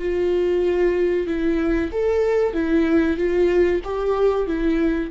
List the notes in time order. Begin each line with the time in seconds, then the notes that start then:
0.00 F4
1.27 E4
1.92 A4
2.54 E4
3.18 F4
3.85 G4
4.47 E4